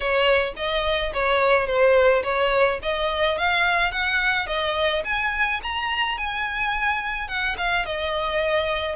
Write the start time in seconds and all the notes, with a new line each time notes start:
0.00 C#5
0.56 D#5
1.13 C#5
1.66 C5
2.23 C#5
2.82 D#5
3.38 F5
3.91 F#5
4.46 D#5
5.04 G#5
5.62 A#5
6.17 G#5
7.27 F#5
7.57 F5
7.85 D#5